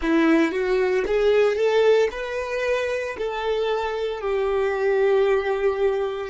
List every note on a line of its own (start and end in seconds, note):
0.02 0.51 E4
0.51 1.04 F#4
1.07 1.56 G#4
1.56 2.08 A4
2.11 3.16 B4
3.18 4.21 A4
4.21 6.29 G4